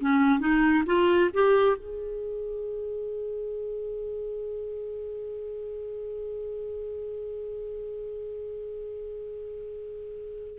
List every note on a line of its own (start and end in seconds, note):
0.00 0.39 C#4
0.39 0.83 D#4
0.86 1.30 F4
1.34 1.77 G4
1.77 10.58 G#4